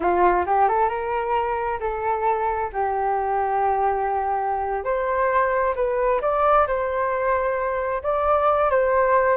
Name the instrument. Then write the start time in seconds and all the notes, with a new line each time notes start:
flute
0.00 F4
0.46 G4
0.68 A4
0.89 A#4
1.80 A4
2.72 G4
4.84 C5
5.75 B4
6.21 D5
6.67 C5
8.02 D5
8.70 C5